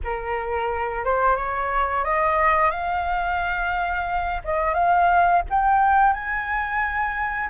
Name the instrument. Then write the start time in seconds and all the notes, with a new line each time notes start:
flute
0.03 A#4
1.04 C5
1.36 C#5
2.04 D#5
2.71 F5
4.44 D#5
4.74 F5
5.49 G5
6.13 G#5